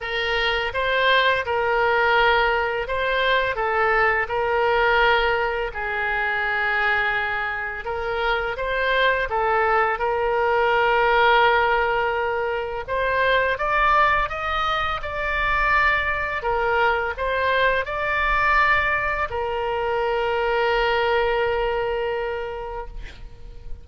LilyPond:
\new Staff \with { instrumentName = "oboe" } { \time 4/4 \tempo 4 = 84 ais'4 c''4 ais'2 | c''4 a'4 ais'2 | gis'2. ais'4 | c''4 a'4 ais'2~ |
ais'2 c''4 d''4 | dis''4 d''2 ais'4 | c''4 d''2 ais'4~ | ais'1 | }